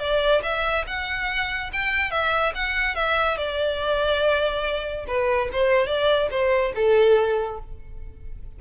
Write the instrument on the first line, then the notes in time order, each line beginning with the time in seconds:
violin
0.00 D5
0.43 E5
0.87 F#5
1.73 G5
2.11 E5
2.55 F#5
2.96 E5
3.38 D5
5.08 B4
5.53 C5
5.87 D5
6.31 C5
6.76 A4